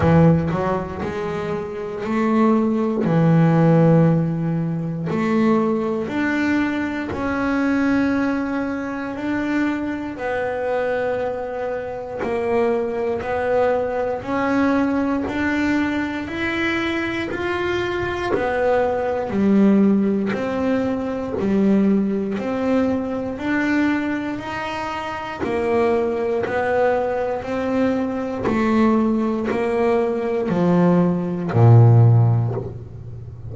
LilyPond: \new Staff \with { instrumentName = "double bass" } { \time 4/4 \tempo 4 = 59 e8 fis8 gis4 a4 e4~ | e4 a4 d'4 cis'4~ | cis'4 d'4 b2 | ais4 b4 cis'4 d'4 |
e'4 f'4 b4 g4 | c'4 g4 c'4 d'4 | dis'4 ais4 b4 c'4 | a4 ais4 f4 ais,4 | }